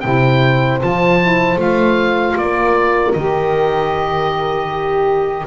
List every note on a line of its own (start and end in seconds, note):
0.00 0.82 C3
0.00 0.80 E4
0.00 2.37 C5
0.00 0.78 G5
0.80 1.56 F3
0.80 1.19 F4
0.80 1.60 A5
1.21 1.56 E4
1.56 2.34 A3
1.56 3.12 F4
1.56 2.37 F5
2.36 3.13 A#3
2.36 4.69 A#4
2.36 3.12 D5
3.12 5.47 D#3
3.12 5.47 G4
3.12 5.46 D#5
4.69 5.47 G4